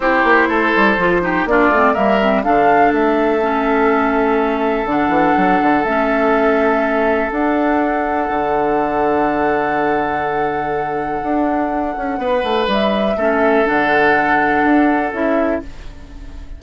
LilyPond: <<
  \new Staff \with { instrumentName = "flute" } { \time 4/4 \tempo 4 = 123 c''2. d''4 | e''4 f''4 e''2~ | e''2 fis''2 | e''2. fis''4~ |
fis''1~ | fis''1~ | fis''2 e''2 | fis''2. e''4 | }
  \new Staff \with { instrumentName = "oboe" } { \time 4/4 g'4 a'4. g'8 f'4 | ais'4 a'2.~ | a'1~ | a'1~ |
a'1~ | a'1~ | a'4 b'2 a'4~ | a'1 | }
  \new Staff \with { instrumentName = "clarinet" } { \time 4/4 e'2 f'8 dis'8 d'8 c'8 | ais8 c'8 d'2 cis'4~ | cis'2 d'2 | cis'2. d'4~ |
d'1~ | d'1~ | d'2. cis'4 | d'2. e'4 | }
  \new Staff \with { instrumentName = "bassoon" } { \time 4/4 c'8 ais8 a8 g8 f4 ais8 a8 | g4 d4 a2~ | a2 d8 e8 fis8 d8 | a2. d'4~ |
d'4 d2.~ | d2. d'4~ | d'8 cis'8 b8 a8 g4 a4 | d2 d'4 cis'4 | }
>>